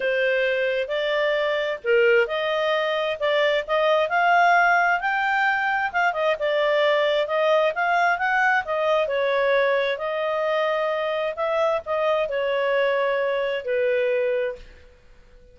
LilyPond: \new Staff \with { instrumentName = "clarinet" } { \time 4/4 \tempo 4 = 132 c''2 d''2 | ais'4 dis''2 d''4 | dis''4 f''2 g''4~ | g''4 f''8 dis''8 d''2 |
dis''4 f''4 fis''4 dis''4 | cis''2 dis''2~ | dis''4 e''4 dis''4 cis''4~ | cis''2 b'2 | }